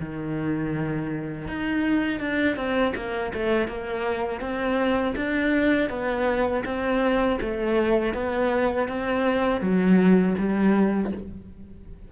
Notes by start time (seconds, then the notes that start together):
0.00 D#3
1.48 D#4
2.20 D4
2.56 C4
2.95 A#3
3.33 A3
3.68 A#3
4.41 C4
5.16 D4
5.89 B3
6.65 C4
7.41 A3
8.14 B3
8.88 C4
9.61 F#3
10.38 G3